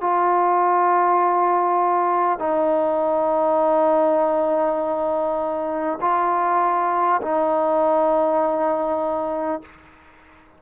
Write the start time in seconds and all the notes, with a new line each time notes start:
0.00 F4
2.38 D#4
6.01 F4
7.22 D#4